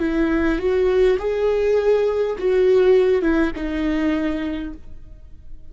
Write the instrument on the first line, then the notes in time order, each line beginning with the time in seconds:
viola
0.00 E4
0.59 F#4
1.19 G#4
2.39 F#4
3.22 E4
3.56 D#4